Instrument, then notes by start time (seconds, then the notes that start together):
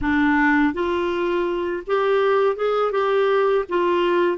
clarinet
0.01 D4
0.73 F4
1.87 G4
2.56 G#4
2.91 G4
3.69 F4